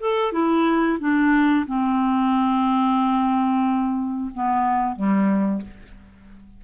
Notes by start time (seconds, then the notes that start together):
0.00 A4
0.32 E4
1.00 D4
1.67 C4
4.34 B3
4.96 G3